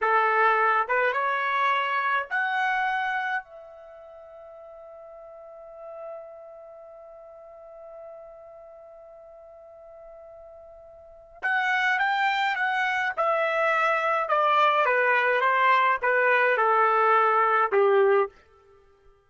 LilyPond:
\new Staff \with { instrumentName = "trumpet" } { \time 4/4 \tempo 4 = 105 a'4. b'8 cis''2 | fis''2 e''2~ | e''1~ | e''1~ |
e''1 | fis''4 g''4 fis''4 e''4~ | e''4 d''4 b'4 c''4 | b'4 a'2 g'4 | }